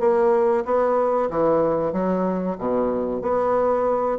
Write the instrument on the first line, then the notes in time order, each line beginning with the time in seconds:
bassoon
0.00 A#3
0.65 B3
1.30 E3
1.93 F#3
2.59 B2
3.22 B3